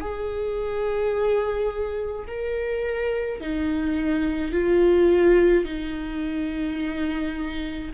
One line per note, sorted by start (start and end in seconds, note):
0.00 2.26 G#4
2.27 3.40 A#4
3.40 4.52 D#4
4.52 5.64 F4
5.64 7.91 D#4